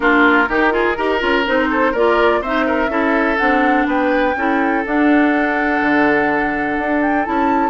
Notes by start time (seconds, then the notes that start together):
0.00 A#3 D4 F4 A#4
0.47 D#3 D#4 G4
0.70 F4 G#4
0.97 D#4 G4 A#4
1.19 C#4 F4
1.46 C4 D#4 C5
1.70 A4
1.91 A#3 F4 A#4 D5
2.41 C4 D#4 C5 E5
2.66 A#4
2.88 C#4 E4 A4
3.37 C4 D4 F#5
3.86 B3 B4 G5
4.36 C#4 E4 A4
4.85 D4 F#5
5.81 D3
6.78 D4
7.01 G5
7.24 C#4 E4 A5